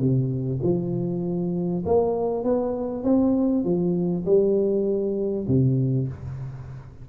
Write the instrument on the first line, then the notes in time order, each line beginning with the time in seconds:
tuba
0.00 C3
0.63 F3
1.86 A#3
2.45 B3
3.04 C4
3.65 F3
4.26 G3
5.48 C3